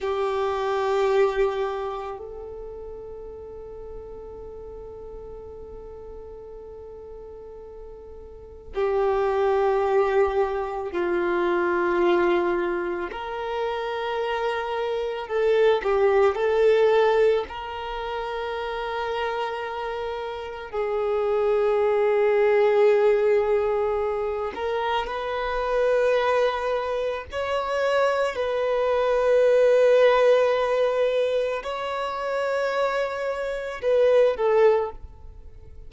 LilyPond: \new Staff \with { instrumentName = "violin" } { \time 4/4 \tempo 4 = 55 g'2 a'2~ | a'1 | g'2 f'2 | ais'2 a'8 g'8 a'4 |
ais'2. gis'4~ | gis'2~ gis'8 ais'8 b'4~ | b'4 cis''4 b'2~ | b'4 cis''2 b'8 a'8 | }